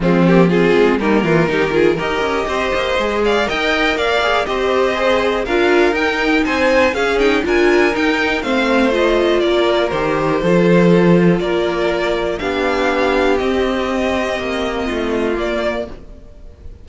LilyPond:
<<
  \new Staff \with { instrumentName = "violin" } { \time 4/4 \tempo 4 = 121 f'8 g'8 gis'4 ais'2 | dis''2~ dis''8 f''8 g''4 | f''4 dis''2 f''4 | g''4 gis''4 f''8 g''8 gis''4 |
g''4 f''4 dis''4 d''4 | c''2. d''4~ | d''4 f''2 dis''4~ | dis''2. d''4 | }
  \new Staff \with { instrumentName = "violin" } { \time 4/4 c'4 f'4 dis'8 f'8 g'8 gis'8 | ais'4 c''4. d''8 dis''4 | d''4 c''2 ais'4~ | ais'4 c''4 gis'4 ais'4~ |
ais'4 c''2 ais'4~ | ais'4 a'2 ais'4~ | ais'4 g'2.~ | g'2 f'2 | }
  \new Staff \with { instrumentName = "viola" } { \time 4/4 gis8 ais8 c'4 ais4 dis'8 f'8 | g'2 gis'4 ais'4~ | ais'8 gis'8 g'4 gis'4 f'4 | dis'2 cis'8 dis'8 f'4 |
dis'4 c'4 f'2 | g'4 f'2.~ | f'4 d'2 c'4~ | c'2. ais4 | }
  \new Staff \with { instrumentName = "cello" } { \time 4/4 f4. gis8 g8 e8 dis4 | dis'8 cis'8 c'8 ais8 gis4 dis'4 | ais4 c'2 d'4 | dis'4 c'4 cis'4 d'4 |
dis'4 a2 ais4 | dis4 f2 ais4~ | ais4 b2 c'4~ | c'4 ais4 a4 ais4 | }
>>